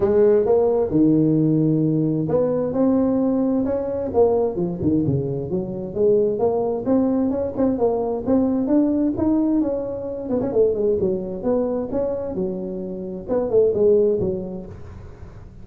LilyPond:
\new Staff \with { instrumentName = "tuba" } { \time 4/4 \tempo 4 = 131 gis4 ais4 dis2~ | dis4 b4 c'2 | cis'4 ais4 f8 dis8 cis4 | fis4 gis4 ais4 c'4 |
cis'8 c'8 ais4 c'4 d'4 | dis'4 cis'4. b16 cis'16 a8 gis8 | fis4 b4 cis'4 fis4~ | fis4 b8 a8 gis4 fis4 | }